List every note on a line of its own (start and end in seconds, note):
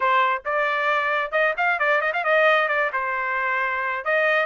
0.00 0.43 C5
0.45 1.31 D5
1.31 1.54 D#5
1.57 1.79 F5
1.79 2.01 D5
2.01 2.12 D#5
2.13 2.24 F5
2.24 2.68 D#5
2.68 2.90 D5
2.92 4.04 C5
4.04 4.46 D#5